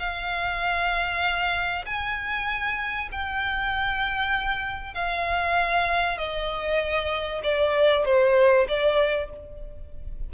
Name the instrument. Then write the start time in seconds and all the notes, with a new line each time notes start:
violin
0.00 F5
1.86 G#5
3.12 G5
4.95 F5
6.18 D#5
7.44 D5
8.06 C5
8.69 D5